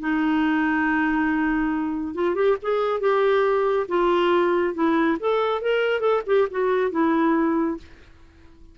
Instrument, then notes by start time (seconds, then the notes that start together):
clarinet
0.00 D#4
2.15 F4
2.35 G4
2.62 G#4
3.01 G4
3.88 F4
4.75 E4
5.20 A4
5.62 A#4
6.00 A4
6.26 G4
6.51 F#4
6.91 E4